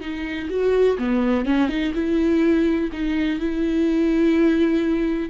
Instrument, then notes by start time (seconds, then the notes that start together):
viola
0.00 D#4
0.49 F#4
0.98 B3
1.45 C#4
1.68 D#4
1.94 E4
2.92 D#4
3.39 E4